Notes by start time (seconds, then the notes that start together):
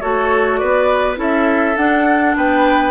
0.00 A3 F#4 A4 C#5
0.57 B3 B4 D5
1.16 C#4 E4 A4 E5
1.76 D4 F#5
2.36 B3 B4 G5